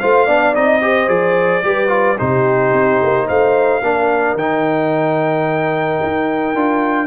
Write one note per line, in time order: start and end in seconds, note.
0.00 0.28 A3
0.00 0.28 F4
0.00 0.25 C5
0.00 0.55 F5
0.25 0.55 B3
0.25 0.54 D4
0.25 0.80 D5
0.54 1.08 C4
0.54 0.81 D#4
0.54 1.09 D#5
0.81 1.08 G4
0.81 1.65 C5
1.08 1.63 F3
1.08 1.62 G#4
1.08 2.18 D5
1.63 2.18 G3
1.63 1.88 G4
1.63 2.18 B4
1.88 2.16 F4
2.18 2.72 C3
2.18 3.82 D#4
2.18 3.27 G4
2.18 3.28 C5
2.72 2.99 C4
3.02 3.30 A#3
3.27 3.81 A3
3.27 3.81 C5
3.27 4.37 F5
3.81 4.35 A#3
3.81 4.38 D4
3.81 7.07 A#4
4.35 5.98 D#3
4.35 6.55 D#4
4.35 7.07 G5
6.02 6.55 D#4
6.55 7.07 D4
6.55 7.07 F4